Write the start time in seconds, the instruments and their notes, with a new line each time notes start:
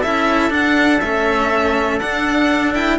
0.00 cello C#4 E4, trumpet A4, violin E5
0.49 cello D4, violin F#5
1.00 cello A3 C#4, violin E5
1.99 cello D4, violin F#5
2.74 cello E4, violin G5